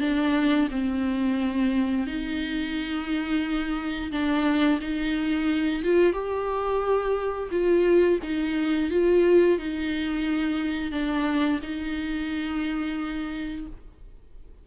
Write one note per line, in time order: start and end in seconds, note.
0.00 0.68 D4
0.70 2.06 C4
2.06 4.11 D#4
4.11 4.79 D4
4.80 5.83 D#4
5.83 6.12 F4
6.12 7.49 G4
7.51 8.19 F4
8.23 8.90 D#4
8.90 9.58 F4
9.58 10.91 D#4
10.91 11.59 D4
11.62 13.66 D#4